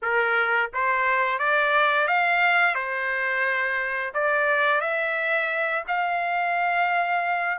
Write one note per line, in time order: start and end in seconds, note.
0.02 0.71 A#4
0.73 1.38 C5
1.38 2.07 D5
2.07 2.74 F5
2.74 4.12 C5
4.14 4.80 D5
4.80 5.84 E5
5.87 7.58 F5